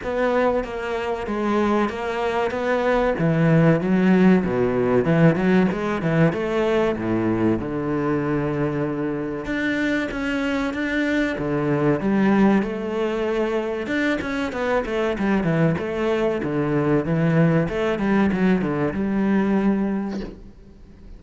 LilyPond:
\new Staff \with { instrumentName = "cello" } { \time 4/4 \tempo 4 = 95 b4 ais4 gis4 ais4 | b4 e4 fis4 b,4 | e8 fis8 gis8 e8 a4 a,4 | d2. d'4 |
cis'4 d'4 d4 g4 | a2 d'8 cis'8 b8 a8 | g8 e8 a4 d4 e4 | a8 g8 fis8 d8 g2 | }